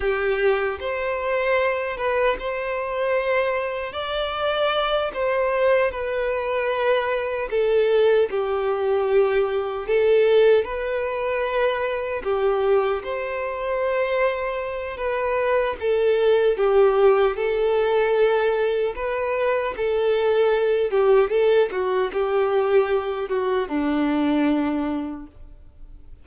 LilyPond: \new Staff \with { instrumentName = "violin" } { \time 4/4 \tempo 4 = 76 g'4 c''4. b'8 c''4~ | c''4 d''4. c''4 b'8~ | b'4. a'4 g'4.~ | g'8 a'4 b'2 g'8~ |
g'8 c''2~ c''8 b'4 | a'4 g'4 a'2 | b'4 a'4. g'8 a'8 fis'8 | g'4. fis'8 d'2 | }